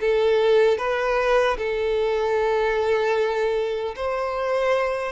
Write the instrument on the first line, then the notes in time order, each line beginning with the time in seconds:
violin
0.00 A4
0.78 B4
1.58 A4
3.96 C5